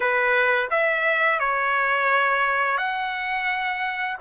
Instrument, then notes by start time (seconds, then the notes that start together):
trumpet
0.00 B4
0.70 E5
1.39 C#5
2.77 F#5